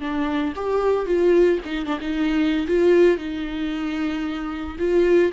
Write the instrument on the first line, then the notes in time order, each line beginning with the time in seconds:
viola
0.00 D4
0.56 G4
1.06 F4
1.65 D#4
1.86 D4
2.01 D#4
2.67 F4
3.18 D#4
4.79 F4